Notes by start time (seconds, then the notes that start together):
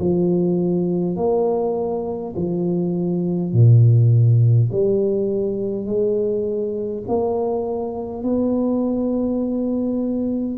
0.00 F3
1.17 A#3
2.36 F3
3.53 A#2
4.72 G3
5.86 G#3
7.09 A#3
8.24 B3